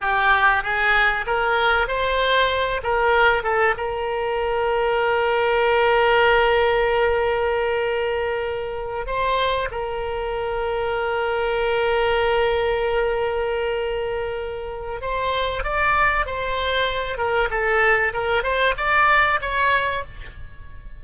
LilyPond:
\new Staff \with { instrumentName = "oboe" } { \time 4/4 \tempo 4 = 96 g'4 gis'4 ais'4 c''4~ | c''8 ais'4 a'8 ais'2~ | ais'1~ | ais'2~ ais'8 c''4 ais'8~ |
ais'1~ | ais'1 | c''4 d''4 c''4. ais'8 | a'4 ais'8 c''8 d''4 cis''4 | }